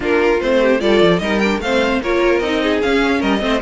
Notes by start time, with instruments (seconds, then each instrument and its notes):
0.00 cello A#3, viola D4, violin F4 A#4
0.40 cello A3, viola C4, violin C5
0.61 violin G4
0.79 cello G3, viola F4, violin A4 D5
1.02 cello F3
1.19 cello G3, viola D#4, violin A#4 D#5
1.39 viola D4, violin G5
1.58 cello A3, viola C4, violin C5 F5
2.02 cello A#3, viola F4, violin A#4 C#5
2.39 cello C4, viola D#4, violin D#5
2.62 violin G#4
2.81 viola C#4, cello C#4, violin F5
3.19 cello G3, violin A#4 D#5
3.39 cello A3, viola C4, violin C5